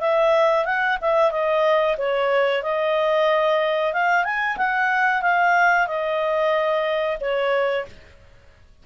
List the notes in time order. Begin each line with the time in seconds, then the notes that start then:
0.00 E5
0.65 F#5
1.01 E5
1.31 D#5
1.97 C#5
2.62 D#5
3.93 F5
4.24 G#5
4.57 F#5
5.22 F5
5.87 D#5
7.20 C#5